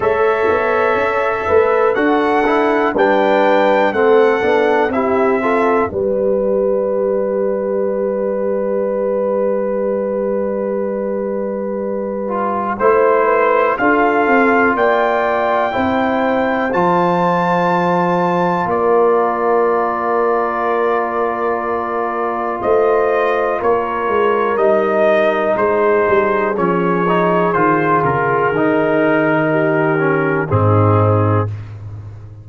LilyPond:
<<
  \new Staff \with { instrumentName = "trumpet" } { \time 4/4 \tempo 4 = 61 e''2 fis''4 g''4 | fis''4 e''4 d''2~ | d''1~ | d''4 c''4 f''4 g''4~ |
g''4 a''2 d''4~ | d''2. dis''4 | cis''4 dis''4 c''4 cis''4 | c''8 ais'2~ ais'8 gis'4 | }
  \new Staff \with { instrumentName = "horn" } { \time 4/4 cis''4. b'8 a'4 b'4 | a'4 g'8 a'8 b'2~ | b'1~ | b'4 c''8 b'8 a'4 d''4 |
c''2. ais'4~ | ais'2. c''4 | ais'2 gis'2~ | gis'2 g'4 dis'4 | }
  \new Staff \with { instrumentName = "trombone" } { \time 4/4 a'2 fis'8 e'8 d'4 | c'8 d'8 e'8 f'8 g'2~ | g'1~ | g'8 f'8 e'4 f'2 |
e'4 f'2.~ | f'1~ | f'4 dis'2 cis'8 dis'8 | f'4 dis'4. cis'8 c'4 | }
  \new Staff \with { instrumentName = "tuba" } { \time 4/4 a8 b8 cis'8 a8 d'4 g4 | a8 b8 c'4 g2~ | g1~ | g4 a4 d'8 c'8 ais4 |
c'4 f2 ais4~ | ais2. a4 | ais8 gis8 g4 gis8 g8 f4 | dis8 cis8 dis2 gis,4 | }
>>